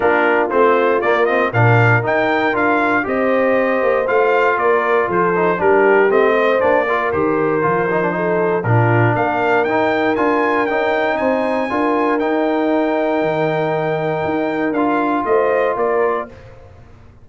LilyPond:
<<
  \new Staff \with { instrumentName = "trumpet" } { \time 4/4 \tempo 4 = 118 ais'4 c''4 d''8 dis''8 f''4 | g''4 f''4 dis''2 | f''4 d''4 c''4 ais'4 | dis''4 d''4 c''2~ |
c''4 ais'4 f''4 g''4 | gis''4 g''4 gis''2 | g''1~ | g''4 f''4 dis''4 d''4 | }
  \new Staff \with { instrumentName = "horn" } { \time 4/4 f'2. ais'4~ | ais'2 c''2~ | c''4 ais'4 a'4 g'4~ | g'8 c''4 ais'2~ ais'8 |
a'4 f'4 ais'2~ | ais'2 c''4 ais'4~ | ais'1~ | ais'2 c''4 ais'4 | }
  \new Staff \with { instrumentName = "trombone" } { \time 4/4 d'4 c'4 ais8 c'8 d'4 | dis'4 f'4 g'2 | f'2~ f'8 dis'8 d'4 | c'4 d'8 f'8 g'4 f'8 dis'16 d'16 |
dis'4 d'2 dis'4 | f'4 dis'2 f'4 | dis'1~ | dis'4 f'2. | }
  \new Staff \with { instrumentName = "tuba" } { \time 4/4 ais4 a4 ais4 ais,4 | dis'4 d'4 c'4. ais8 | a4 ais4 f4 g4 | a4 ais4 dis4 f4~ |
f4 ais,4 ais4 dis'4 | d'4 cis'4 c'4 d'4 | dis'2 dis2 | dis'4 d'4 a4 ais4 | }
>>